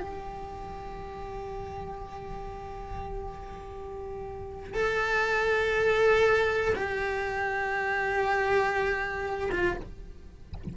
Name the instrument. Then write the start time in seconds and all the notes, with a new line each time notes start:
cello
0.00 G4
4.74 A4
6.75 G4
9.51 F4